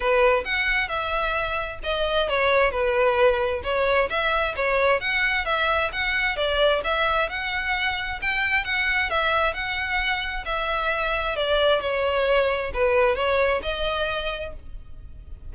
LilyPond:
\new Staff \with { instrumentName = "violin" } { \time 4/4 \tempo 4 = 132 b'4 fis''4 e''2 | dis''4 cis''4 b'2 | cis''4 e''4 cis''4 fis''4 | e''4 fis''4 d''4 e''4 |
fis''2 g''4 fis''4 | e''4 fis''2 e''4~ | e''4 d''4 cis''2 | b'4 cis''4 dis''2 | }